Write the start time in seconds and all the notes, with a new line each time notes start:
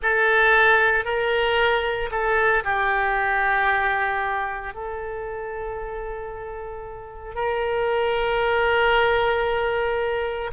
0.02 A4
1.04 A#4
2.11 A4
2.64 G4
4.74 A4
7.34 A#4